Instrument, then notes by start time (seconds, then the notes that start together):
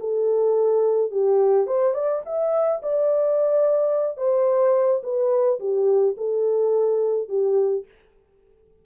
horn
0.00 A4
1.11 G4
1.67 C5
1.94 D5
2.26 E5
2.82 D5
4.18 C5
5.03 B4
5.60 G4
6.17 A4
7.29 G4